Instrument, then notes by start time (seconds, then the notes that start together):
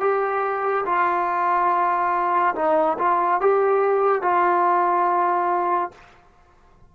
trombone
0.00 G4
0.85 F4
2.55 D#4
2.98 F4
3.40 G4
4.22 F4